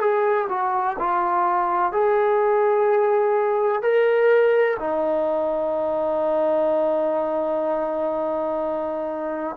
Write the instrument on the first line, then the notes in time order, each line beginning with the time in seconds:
trombone
0.00 G#4
0.49 F#4
0.99 F4
1.92 G#4
3.82 A#4
4.80 D#4